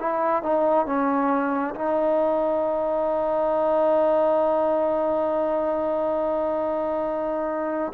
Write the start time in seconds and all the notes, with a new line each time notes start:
0.00 E4
0.43 D#4
0.86 C#4
1.75 D#4